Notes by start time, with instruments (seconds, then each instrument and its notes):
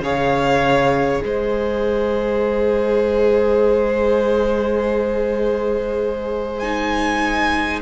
0.00 cello C#3, viola G#4, violin C#5 F5
1.21 cello G#3, violin C5 D#5
6.59 viola D#4, violin G#5